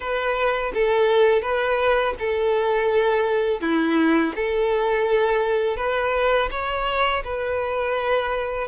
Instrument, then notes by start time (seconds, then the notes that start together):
violin
0.00 B4
0.74 A4
1.42 B4
2.19 A4
3.60 E4
4.35 A4
5.76 B4
6.51 C#5
7.24 B4